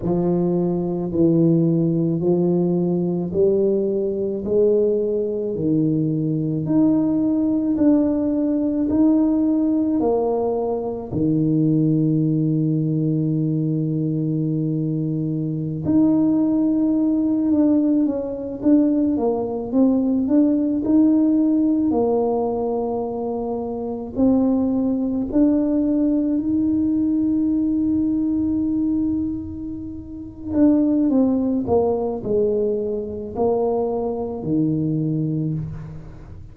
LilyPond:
\new Staff \with { instrumentName = "tuba" } { \time 4/4 \tempo 4 = 54 f4 e4 f4 g4 | gis4 dis4 dis'4 d'4 | dis'4 ais4 dis2~ | dis2~ dis16 dis'4. d'16~ |
d'16 cis'8 d'8 ais8 c'8 d'8 dis'4 ais16~ | ais4.~ ais16 c'4 d'4 dis'16~ | dis'2.~ dis'8 d'8 | c'8 ais8 gis4 ais4 dis4 | }